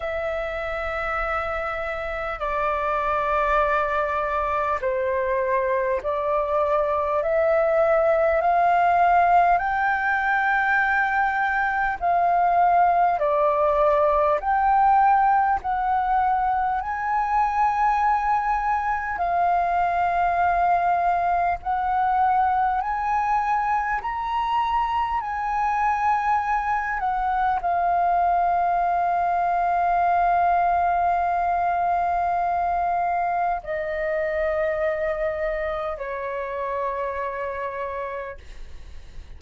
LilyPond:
\new Staff \with { instrumentName = "flute" } { \time 4/4 \tempo 4 = 50 e''2 d''2 | c''4 d''4 e''4 f''4 | g''2 f''4 d''4 | g''4 fis''4 gis''2 |
f''2 fis''4 gis''4 | ais''4 gis''4. fis''8 f''4~ | f''1 | dis''2 cis''2 | }